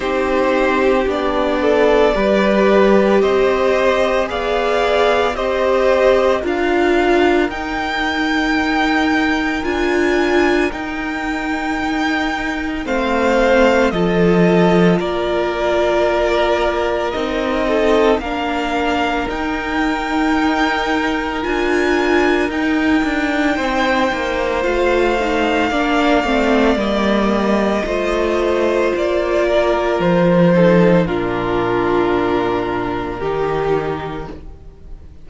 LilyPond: <<
  \new Staff \with { instrumentName = "violin" } { \time 4/4 \tempo 4 = 56 c''4 d''2 dis''4 | f''4 dis''4 f''4 g''4~ | g''4 gis''4 g''2 | f''4 dis''4 d''2 |
dis''4 f''4 g''2 | gis''4 g''2 f''4~ | f''4 dis''2 d''4 | c''4 ais'2. | }
  \new Staff \with { instrumentName = "violin" } { \time 4/4 g'4. a'8 b'4 c''4 | d''4 c''4 ais'2~ | ais'1 | c''4 a'4 ais'2~ |
ais'8 a'8 ais'2.~ | ais'2 c''2 | d''2 c''4. ais'8~ | ais'8 a'8 f'2 g'4 | }
  \new Staff \with { instrumentName = "viola" } { \time 4/4 dis'4 d'4 g'2 | gis'4 g'4 f'4 dis'4~ | dis'4 f'4 dis'2 | c'4 f'2. |
dis'4 d'4 dis'2 | f'4 dis'2 f'8 dis'8 | d'8 c'8 ais4 f'2~ | f'8 dis'8 d'2 dis'4 | }
  \new Staff \with { instrumentName = "cello" } { \time 4/4 c'4 b4 g4 c'4 | b4 c'4 d'4 dis'4~ | dis'4 d'4 dis'2 | a4 f4 ais2 |
c'4 ais4 dis'2 | d'4 dis'8 d'8 c'8 ais8 a4 | ais8 a8 g4 a4 ais4 | f4 ais,2 dis4 | }
>>